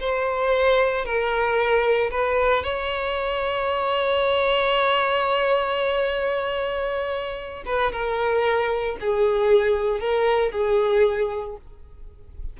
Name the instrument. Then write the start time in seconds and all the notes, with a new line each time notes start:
violin
0.00 C5
1.05 A#4
2.11 B4
2.64 C#5
7.66 B4
7.92 A#4
9.00 G#4
10.00 A#4
10.52 G#4